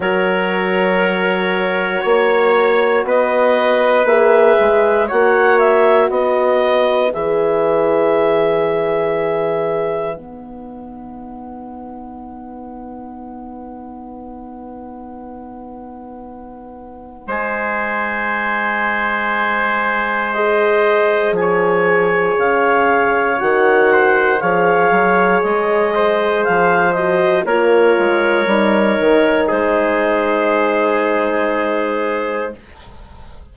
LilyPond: <<
  \new Staff \with { instrumentName = "clarinet" } { \time 4/4 \tempo 4 = 59 cis''2. dis''4 | e''4 fis''8 e''8 dis''4 e''4~ | e''2 fis''2~ | fis''1~ |
fis''4 gis''2. | dis''4 gis''4 f''4 fis''4 | f''4 dis''4 f''8 dis''8 cis''4~ | cis''4 c''2. | }
  \new Staff \with { instrumentName = "trumpet" } { \time 4/4 ais'2 cis''4 b'4~ | b'4 cis''4 b'2~ | b'1~ | b'1~ |
b'4 c''2.~ | c''4 cis''2~ cis''8 c''8 | cis''4. c''4. ais'4~ | ais'4 gis'2. | }
  \new Staff \with { instrumentName = "horn" } { \time 4/4 fis'1 | gis'4 fis'2 gis'4~ | gis'2 dis'2~ | dis'1~ |
dis'1 | gis'2. fis'4 | gis'2~ gis'8 fis'8 f'4 | dis'1 | }
  \new Staff \with { instrumentName = "bassoon" } { \time 4/4 fis2 ais4 b4 | ais8 gis8 ais4 b4 e4~ | e2 b2~ | b1~ |
b4 gis2.~ | gis4 f4 cis4 dis4 | f8 fis8 gis4 f4 ais8 gis8 | g8 dis8 gis2. | }
>>